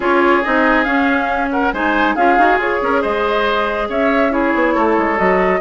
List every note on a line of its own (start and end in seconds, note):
0.00 0.43 C#4
0.00 0.43 F4
0.00 1.49 G#4
0.00 0.43 C#5
0.43 0.86 C4
0.43 0.84 D#4
0.43 0.83 D#5
0.83 1.71 C#4
0.83 1.72 C#4
0.83 1.48 F5
1.51 1.73 A#4
1.51 1.72 F#5
1.72 2.15 G#3
1.72 2.17 D#4
1.72 2.15 C5
1.72 2.15 G#5
2.15 2.37 C#4
2.15 2.38 F4
2.15 2.79 G#4
2.15 2.59 F5
2.37 2.57 D#4
2.37 2.59 F#4
2.57 2.79 F4
2.57 4.30 G#4
2.57 3.02 C#5
2.82 3.03 C#4
2.82 3.01 A#4
3.01 3.89 G#3
3.01 3.88 C5
3.01 3.88 D#5
3.89 4.53 C#4
3.89 4.32 C#5
3.89 4.32 E5
4.30 5.16 E4
4.30 4.74 G#4
4.30 5.18 C#5
4.54 4.75 B3
4.74 4.97 A3
4.74 5.60 A4
4.97 5.19 G#3
5.16 5.60 F#3
5.16 5.59 F#4
5.16 5.60 D#5